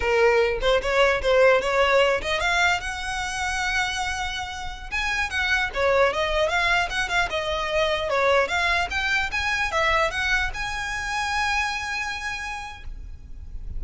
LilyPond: \new Staff \with { instrumentName = "violin" } { \time 4/4 \tempo 4 = 150 ais'4. c''8 cis''4 c''4 | cis''4. dis''8 f''4 fis''4~ | fis''1~ | fis''16 gis''4 fis''4 cis''4 dis''8.~ |
dis''16 f''4 fis''8 f''8 dis''4.~ dis''16~ | dis''16 cis''4 f''4 g''4 gis''8.~ | gis''16 e''4 fis''4 gis''4.~ gis''16~ | gis''1 | }